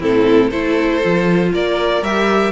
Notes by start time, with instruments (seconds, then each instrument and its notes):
0.00 cello A2, viola C4, violin E4 A4
0.49 cello A3, viola E4, violin A4 C5
1.01 cello F3, viola F4
1.53 cello A#3, violin A#4 D5
2.01 cello G3, viola G4, violin E5